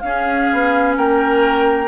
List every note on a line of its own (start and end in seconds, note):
0.00 0.49 C#4
0.00 0.97 G#4
0.00 0.94 F5
0.06 1.88 C#4
0.53 0.97 B3
0.97 1.88 A#3
0.97 1.88 A#4
0.97 1.88 G5